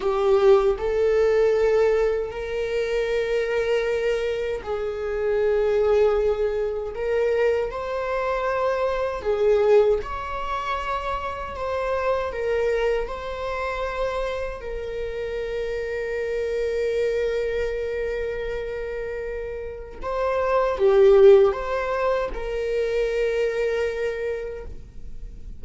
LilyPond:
\new Staff \with { instrumentName = "viola" } { \time 4/4 \tempo 4 = 78 g'4 a'2 ais'4~ | ais'2 gis'2~ | gis'4 ais'4 c''2 | gis'4 cis''2 c''4 |
ais'4 c''2 ais'4~ | ais'1~ | ais'2 c''4 g'4 | c''4 ais'2. | }